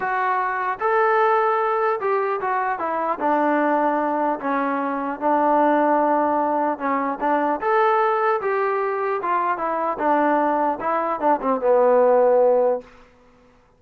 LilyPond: \new Staff \with { instrumentName = "trombone" } { \time 4/4 \tempo 4 = 150 fis'2 a'2~ | a'4 g'4 fis'4 e'4 | d'2. cis'4~ | cis'4 d'2.~ |
d'4 cis'4 d'4 a'4~ | a'4 g'2 f'4 | e'4 d'2 e'4 | d'8 c'8 b2. | }